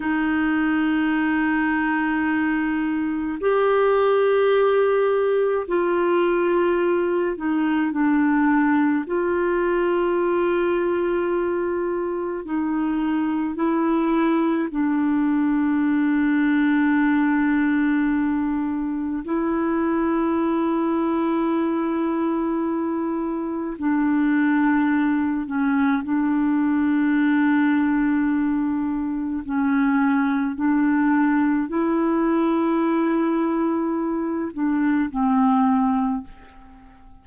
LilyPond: \new Staff \with { instrumentName = "clarinet" } { \time 4/4 \tempo 4 = 53 dis'2. g'4~ | g'4 f'4. dis'8 d'4 | f'2. dis'4 | e'4 d'2.~ |
d'4 e'2.~ | e'4 d'4. cis'8 d'4~ | d'2 cis'4 d'4 | e'2~ e'8 d'8 c'4 | }